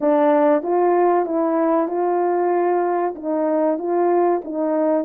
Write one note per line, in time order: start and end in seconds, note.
0.00 0.63 D4
0.63 1.25 F4
1.25 1.88 E4
1.88 3.14 F4
3.15 3.78 D#4
3.78 4.41 F4
4.44 5.05 D#4